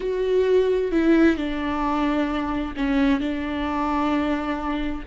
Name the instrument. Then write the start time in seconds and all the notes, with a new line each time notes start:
viola
0.00 F#4
0.91 E4
1.37 D4
2.76 C#4
3.20 D4